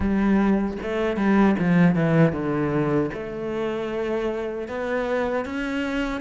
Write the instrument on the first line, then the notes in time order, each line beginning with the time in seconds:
cello
0.00 G3
0.82 A3
1.17 G3
1.58 F3
1.95 E3
2.32 D3
3.13 A3
4.68 B3
5.45 C#4